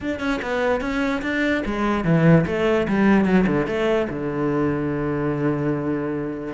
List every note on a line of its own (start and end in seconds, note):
0.00 0.19 D4
0.19 0.40 C#4
0.42 0.80 B3
0.80 1.21 C#4
1.21 1.62 D4
1.65 2.04 G#3
2.04 2.45 E3
2.46 2.87 A3
2.88 3.25 G3
3.25 3.45 F#3
3.47 3.66 D3
3.66 4.07 A3
4.09 6.53 D3